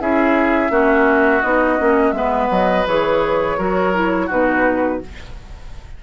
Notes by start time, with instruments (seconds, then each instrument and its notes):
0.00 bassoon C#4, clarinet E4, oboe G#4, flute E5
0.70 bassoon A#3, clarinet C#4, oboe F#4
1.42 bassoon B3, clarinet D#4, flute D#5
1.79 bassoon A#3, clarinet C#4
2.12 bassoon G#3, clarinet B3, oboe B4, flute E5
2.51 bassoon F#3, flute D#5
2.87 bassoon E3, clarinet G#4, flute C#5
3.58 bassoon F#3, clarinet F#4, oboe A#4
3.94 clarinet E4
4.27 bassoon B2, clarinet D#4, oboe F#4, flute B4